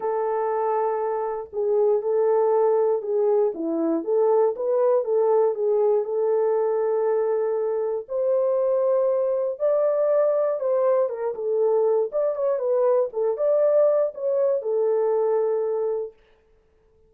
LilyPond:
\new Staff \with { instrumentName = "horn" } { \time 4/4 \tempo 4 = 119 a'2. gis'4 | a'2 gis'4 e'4 | a'4 b'4 a'4 gis'4 | a'1 |
c''2. d''4~ | d''4 c''4 ais'8 a'4. | d''8 cis''8 b'4 a'8 d''4. | cis''4 a'2. | }